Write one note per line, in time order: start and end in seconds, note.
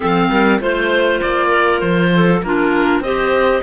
0.00 0.29 F3
0.00 0.60 C4
0.00 0.29 A4
0.00 0.61 F5
0.29 0.59 G3
0.29 0.60 A#4
0.60 1.21 A3
0.60 2.42 F4
0.60 1.48 C5
0.60 1.21 C5
1.21 1.81 A#3
1.21 1.80 D5
1.48 2.08 A#4
1.80 2.42 F3
1.80 2.40 C5
2.15 2.45 A4
2.42 3.00 A#3
2.42 3.04 D4
2.42 3.02 F4
2.42 3.02 A#4
3.00 3.60 C4
3.00 3.62 G4
3.00 3.62 C5
3.00 3.62 D#5